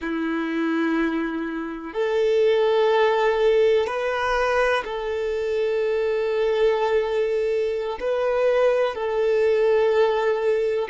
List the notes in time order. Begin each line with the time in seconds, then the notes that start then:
0.01 E4
1.93 A4
3.86 B4
4.84 A4
8.00 B4
8.94 A4